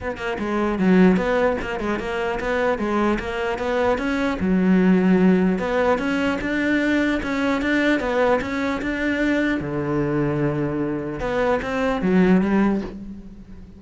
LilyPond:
\new Staff \with { instrumentName = "cello" } { \time 4/4 \tempo 4 = 150 b8 ais8 gis4 fis4 b4 | ais8 gis8 ais4 b4 gis4 | ais4 b4 cis'4 fis4~ | fis2 b4 cis'4 |
d'2 cis'4 d'4 | b4 cis'4 d'2 | d1 | b4 c'4 fis4 g4 | }